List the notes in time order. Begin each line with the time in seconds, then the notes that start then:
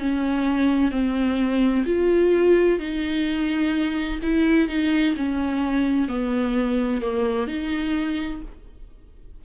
0.00 C#4
0.92 C4
1.86 F4
2.80 D#4
4.23 E4
4.69 D#4
5.17 C#4
6.09 B3
7.02 A#3
7.48 D#4